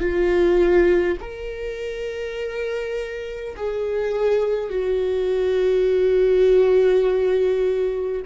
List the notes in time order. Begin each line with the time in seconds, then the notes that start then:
0.00 F4
1.20 A#4
3.57 G#4
4.70 F#4